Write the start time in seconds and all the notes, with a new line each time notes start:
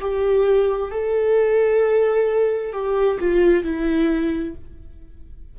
0.00 G4
0.90 A4
2.72 G4
3.19 F4
3.64 E4